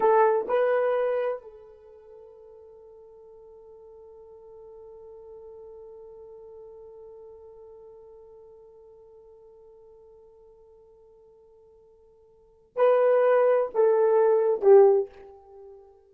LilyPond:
\new Staff \with { instrumentName = "horn" } { \time 4/4 \tempo 4 = 127 a'4 b'2 a'4~ | a'1~ | a'1~ | a'1~ |
a'1~ | a'1~ | a'2. b'4~ | b'4 a'2 g'4 | }